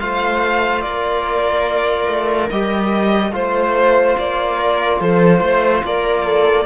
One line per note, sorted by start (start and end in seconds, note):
0.00 0.85 A3
0.00 2.50 F4
0.00 0.84 C5
0.00 0.82 F5
0.82 2.08 A#3
0.82 3.35 A#4
0.82 2.49 D5
2.08 2.49 A3
2.51 3.32 G3
2.51 3.32 G4
2.51 3.34 D#5
3.32 4.15 A3
3.32 6.65 F4
3.32 4.58 C5
3.32 4.18 C5
4.19 5.01 A#3
4.19 5.01 D5
4.58 4.99 A#4
5.01 5.41 F3
5.01 5.42 A4
5.01 5.84 C5
5.41 5.83 A3
5.41 5.84 C5
5.84 6.66 A#3
5.84 6.25 A#4
5.84 6.66 D5
6.25 6.66 A4